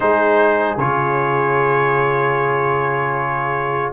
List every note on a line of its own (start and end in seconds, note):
0.00 0.77 G#3
0.00 0.78 D#4
0.00 3.93 G#4
0.00 0.78 C5
0.77 3.92 C#3
0.77 3.93 F4
0.77 3.93 C#5